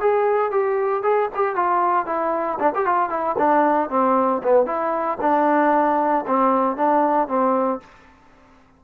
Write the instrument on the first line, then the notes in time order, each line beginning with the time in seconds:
trombone
0.00 G#4
0.51 G4
1.03 G#4
1.34 G4
1.56 F4
2.06 E4
2.59 D4
2.74 G4
2.85 F4
3.09 E4
3.38 D4
3.89 C4
4.43 B3
4.66 E4
5.20 D4
6.26 C4
6.76 D4
7.28 C4